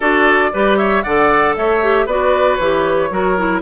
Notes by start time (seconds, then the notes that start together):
0.00 D4 F#4 A4 D5
0.53 G3 G4 B4
0.77 C#5 E5
1.02 D3 A4 D5 F#5
1.55 A3 C#5 E5
1.82 G4
2.06 B3 F#4 B4 D5
2.55 E3 G4 C#5
3.10 F#3 F#4 A#4
3.37 E4